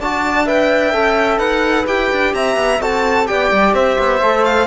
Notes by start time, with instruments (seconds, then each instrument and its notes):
0.00 cello D4, trombone F#4, flute D5, violin A5
0.46 trombone B4, flute E5, violin G5
0.94 cello C#4, trombone A4
1.39 cello D#4, flute B4, violin F#5
1.87 cello E4, trombone G4, violin G5
2.12 cello D4
2.34 cello C4, flute E5, violin A#5
2.57 cello B3
2.81 cello C4, trombone F#4, flute A4, violin A5
3.27 cello B3, trombone G4, flute D5, violin G5
3.52 cello G3
3.74 cello C4, flute C5, violin E5
3.99 cello B3
4.22 cello A3, trombone A4
4.45 violin F5